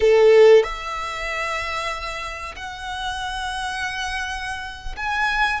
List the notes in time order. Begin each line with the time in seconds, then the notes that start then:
0.00 A4
0.63 E5
2.56 F#5
4.96 G#5